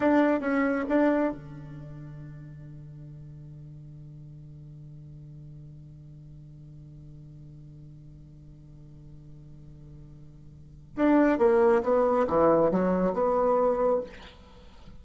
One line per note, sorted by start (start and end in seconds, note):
0.00 0.40 D4
0.40 0.84 C#4
0.89 1.32 D4
1.32 10.96 D3
10.96 11.38 D4
11.38 11.82 A#3
11.82 12.26 B3
12.27 12.71 E3
12.71 13.13 F#3
13.13 14.00 B3